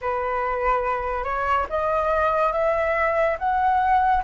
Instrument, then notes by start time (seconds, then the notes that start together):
flute
0.01 B4
1.24 C#5
1.69 D#5
2.52 E5
3.38 F#5